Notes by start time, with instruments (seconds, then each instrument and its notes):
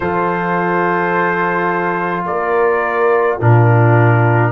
0.00 tuba F3, trombone F4, horn A4, trumpet C5
2.25 tuba A#3, horn A#4, trumpet D5
3.37 tuba A#2, trombone D4, horn F4, trumpet A#4